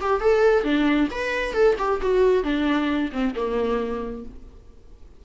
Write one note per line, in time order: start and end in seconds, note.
0.00 0.20 G4
0.20 0.64 A4
0.64 1.08 D4
1.11 1.53 B4
1.53 1.76 A4
1.78 2.01 G4
2.01 2.43 F#4
2.43 3.10 D4
3.12 3.34 C4
3.35 4.25 A#3